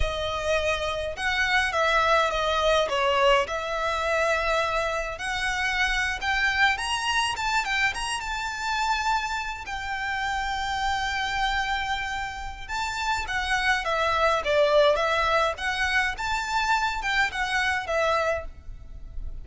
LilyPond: \new Staff \with { instrumentName = "violin" } { \time 4/4 \tempo 4 = 104 dis''2 fis''4 e''4 | dis''4 cis''4 e''2~ | e''4 fis''4.~ fis''16 g''4 ais''16~ | ais''8. a''8 g''8 ais''8 a''4.~ a''16~ |
a''8. g''2.~ g''16~ | g''2 a''4 fis''4 | e''4 d''4 e''4 fis''4 | a''4. g''8 fis''4 e''4 | }